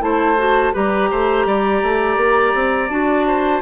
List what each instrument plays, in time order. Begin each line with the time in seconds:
0.00 bassoon A3, clarinet E4, oboe C5, flute A5
0.37 clarinet F#4
0.73 bassoon G3, clarinet G4, oboe B4, flute A#5
1.11 bassoon A3, oboe C5
1.46 bassoon G3, oboe D5
1.83 bassoon A3
2.17 bassoon A#3
2.55 bassoon C4
2.89 bassoon D4, clarinet F#4, flute A5
3.27 oboe C5